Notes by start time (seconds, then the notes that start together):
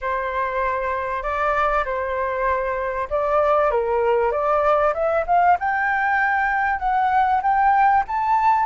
0.01 C5
1.22 D5
1.84 C5
3.10 D5
3.70 A#4
4.31 D5
4.93 E5
5.26 F5
5.59 G5
6.79 F#5
7.42 G5
8.07 A5